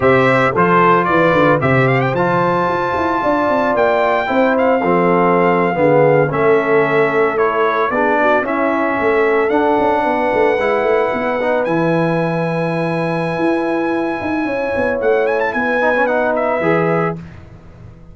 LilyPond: <<
  \new Staff \with { instrumentName = "trumpet" } { \time 4/4 \tempo 4 = 112 e''4 c''4 d''4 e''8 f''16 g''16 | a''2. g''4~ | g''8 f''2.~ f''16 e''16~ | e''4.~ e''16 cis''4 d''4 e''16~ |
e''4.~ e''16 fis''2~ fis''16~ | fis''4.~ fis''16 gis''2~ gis''16~ | gis''1 | fis''8 gis''16 a''16 gis''4 fis''8 e''4. | }
  \new Staff \with { instrumentName = "horn" } { \time 4/4 c''4 a'4 b'4 c''4~ | c''2 d''2 | c''4 a'4.~ a'16 gis'4 a'16~ | a'2~ a'8. gis'8 fis'8 e'16~ |
e'8. a'2 b'4~ b'16~ | b'1~ | b'2. cis''4~ | cis''4 b'2. | }
  \new Staff \with { instrumentName = "trombone" } { \time 4/4 g'4 f'2 g'4 | f'1 | e'4 c'4.~ c'16 b4 cis'16~ | cis'4.~ cis'16 e'4 d'4 cis'16~ |
cis'4.~ cis'16 d'2 e'16~ | e'4~ e'16 dis'8 e'2~ e'16~ | e'1~ | e'4. dis'16 cis'16 dis'4 gis'4 | }
  \new Staff \with { instrumentName = "tuba" } { \time 4/4 c4 f4 e8 d8 c4 | f4 f'8 e'8 d'8 c'8 ais4 | c'4 f4.~ f16 d4 a16~ | a2~ a8. b4 cis'16~ |
cis'8. a4 d'8 cis'8 b8 a8 gis16~ | gis16 a8 b4 e2~ e16~ | e4 e'4. dis'8 cis'8 b8 | a4 b2 e4 | }
>>